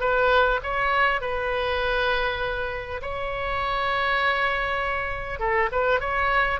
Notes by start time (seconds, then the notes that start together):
0.00 B4
0.63 C#5
1.21 B4
3.01 C#5
5.39 A4
5.71 B4
6.00 C#5